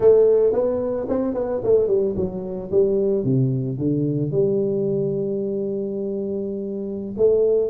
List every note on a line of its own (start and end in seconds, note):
0.00 0.52 A3
0.52 1.06 B3
1.09 1.34 C4
1.34 1.61 B3
1.63 1.87 A3
1.87 2.14 G3
2.16 2.70 F#3
2.71 3.24 G3
3.24 3.78 C3
3.78 4.31 D3
4.31 7.15 G3
7.17 7.70 A3